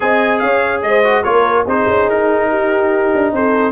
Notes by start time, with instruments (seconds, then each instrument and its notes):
0.00 tuba C4, trombone G#4, horn D#5, trumpet G#5
0.39 tuba C#4, horn C#5, trumpet F5
0.82 tuba G#3, horn C5, trumpet D#5
1.03 trombone F#4
1.23 tuba A#3, trombone F4, horn A#4, trumpet C#5
1.65 tuba C4, trombone D#4, horn G#4, trumpet C5
1.87 tuba C#4
2.08 tuba D#4, trumpet A#4
2.49 horn G4
3.14 tuba D4
3.32 tuba C4, horn A4, trumpet C5